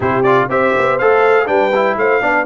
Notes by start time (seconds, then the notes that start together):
0.00 C3 E4 G4 C5
0.23 F4 D5
0.48 C4 G4 C5 E5
0.78 B3
0.98 A3 A4 F5
1.46 G3 D4 B4 G5
1.75 E4
1.96 A3 C5 F5
2.21 B3 D4 D5